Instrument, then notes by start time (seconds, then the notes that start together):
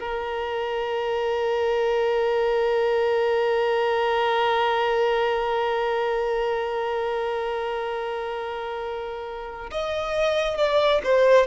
violin
0.00 A#4
9.71 D#5
10.58 D5
11.04 C5